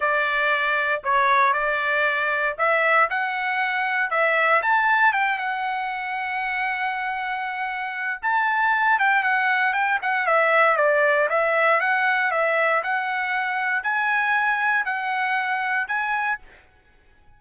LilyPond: \new Staff \with { instrumentName = "trumpet" } { \time 4/4 \tempo 4 = 117 d''2 cis''4 d''4~ | d''4 e''4 fis''2 | e''4 a''4 g''8 fis''4.~ | fis''1 |
a''4. g''8 fis''4 g''8 fis''8 | e''4 d''4 e''4 fis''4 | e''4 fis''2 gis''4~ | gis''4 fis''2 gis''4 | }